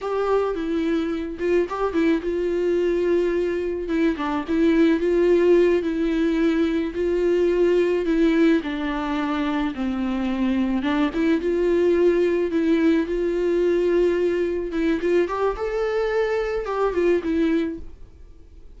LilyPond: \new Staff \with { instrumentName = "viola" } { \time 4/4 \tempo 4 = 108 g'4 e'4. f'8 g'8 e'8 | f'2. e'8 d'8 | e'4 f'4. e'4.~ | e'8 f'2 e'4 d'8~ |
d'4. c'2 d'8 | e'8 f'2 e'4 f'8~ | f'2~ f'8 e'8 f'8 g'8 | a'2 g'8 f'8 e'4 | }